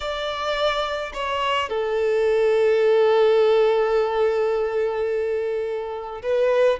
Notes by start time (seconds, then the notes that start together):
0.00 D5
1.13 C#5
1.69 A4
6.22 B4